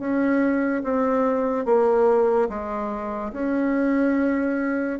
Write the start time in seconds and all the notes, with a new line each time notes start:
0.00 C#4
0.84 C4
1.66 A#3
2.49 G#3
3.33 C#4